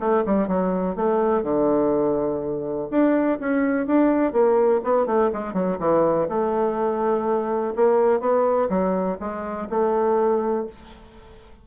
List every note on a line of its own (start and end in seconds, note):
0.00 0.24 A3
0.26 0.48 G3
0.48 0.96 F#3
0.96 1.43 A3
1.43 2.88 D3
2.91 3.39 D4
3.40 3.87 C#4
3.87 4.33 D4
4.33 4.81 A#3
4.84 5.07 B3
5.07 5.31 A3
5.33 5.54 G#3
5.54 5.78 F#3
5.80 6.28 E3
6.29 7.74 A3
7.76 8.20 A#3
8.20 8.69 B3
8.70 9.18 F#3
9.20 9.69 G#3
9.70 10.67 A3